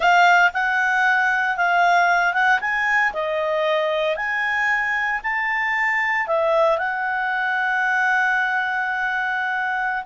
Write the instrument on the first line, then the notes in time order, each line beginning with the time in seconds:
clarinet
0.00 F5
0.53 F#5
1.56 F5
2.33 F#5
2.60 G#5
3.13 D#5
4.16 G#5
5.23 A5
6.27 E5
6.78 F#5